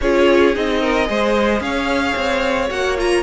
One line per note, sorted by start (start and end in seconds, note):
0.01 0.55 C#4
0.01 0.54 F4
0.01 0.81 G#4
0.01 0.55 C#5
0.54 1.09 C4
0.54 1.05 D#4
0.54 1.61 D#5
0.81 1.08 A#4
1.05 1.60 G#3
1.05 2.67 G#4
1.05 1.62 C5
1.60 2.14 C#4
1.60 3.23 C#5
1.60 2.69 F5
2.15 2.69 C4
2.69 3.23 A#3
2.69 2.97 F#4
2.69 2.97 F#5
2.97 3.23 F4
2.97 3.23 A#5